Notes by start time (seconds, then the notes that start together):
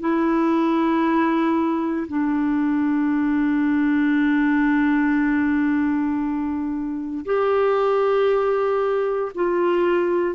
0.00 E4
2.08 D4
7.25 G4
9.35 F4